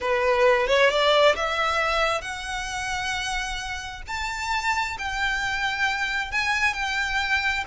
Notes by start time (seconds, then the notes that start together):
0.00 B4
0.67 C#5
0.90 D5
1.35 E5
2.21 F#5
4.07 A5
4.98 G5
6.31 G#5
6.73 G5